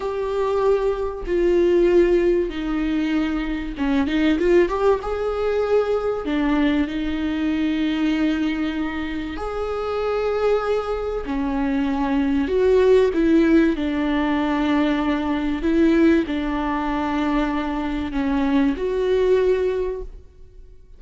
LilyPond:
\new Staff \with { instrumentName = "viola" } { \time 4/4 \tempo 4 = 96 g'2 f'2 | dis'2 cis'8 dis'8 f'8 g'8 | gis'2 d'4 dis'4~ | dis'2. gis'4~ |
gis'2 cis'2 | fis'4 e'4 d'2~ | d'4 e'4 d'2~ | d'4 cis'4 fis'2 | }